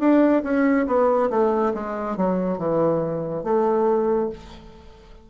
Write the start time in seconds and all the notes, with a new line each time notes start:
0.00 D4
0.44 C#4
0.87 B3
1.31 A3
1.75 G#3
2.17 F#3
2.59 E3
3.44 A3